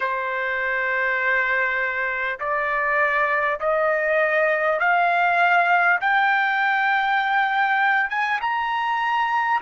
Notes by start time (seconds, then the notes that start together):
0.00 C5
2.39 D5
3.60 D#5
4.79 F5
6.01 G5
8.09 G#5
8.41 A#5